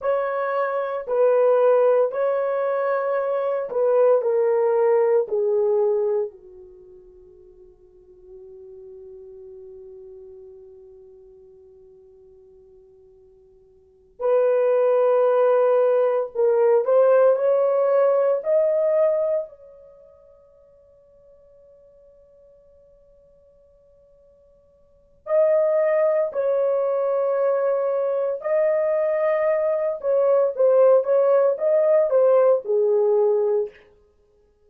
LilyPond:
\new Staff \with { instrumentName = "horn" } { \time 4/4 \tempo 4 = 57 cis''4 b'4 cis''4. b'8 | ais'4 gis'4 fis'2~ | fis'1~ | fis'4. b'2 ais'8 |
c''8 cis''4 dis''4 cis''4.~ | cis''1 | dis''4 cis''2 dis''4~ | dis''8 cis''8 c''8 cis''8 dis''8 c''8 gis'4 | }